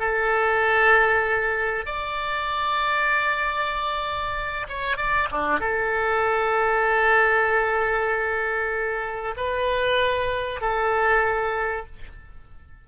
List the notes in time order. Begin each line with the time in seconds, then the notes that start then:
0.00 A4
1.86 D5
4.69 C#5
4.97 D5
5.32 D4
5.60 A4
9.37 B4
10.61 A4